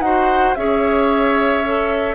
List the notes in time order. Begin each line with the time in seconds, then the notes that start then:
0.00 D#4 F#4 C5 F#5
0.55 C#4 G#4 C#5 E5
1.65 A4